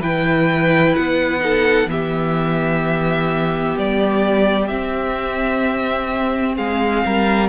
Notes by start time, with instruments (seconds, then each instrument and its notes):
0.00 cello E3, viola E4, violin B4 G5
0.95 cello B3, violin F#5
1.40 viola D#4, violin A4
1.86 cello E3, viola B3, violin G4 E5
3.78 cello G3, violin D5
4.67 viola C4, cello C4, violin E5
6.56 cello G#3, violin G#4 F5
7.05 cello G3, violin A#4